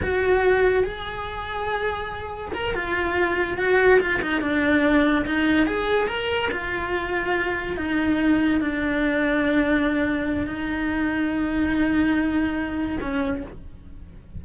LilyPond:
\new Staff \with { instrumentName = "cello" } { \time 4/4 \tempo 4 = 143 fis'2 gis'2~ | gis'2 ais'8 f'4.~ | f'8 fis'4 f'8 dis'8 d'4.~ | d'8 dis'4 gis'4 ais'4 f'8~ |
f'2~ f'8 dis'4.~ | dis'8 d'2.~ d'8~ | d'4 dis'2.~ | dis'2. cis'4 | }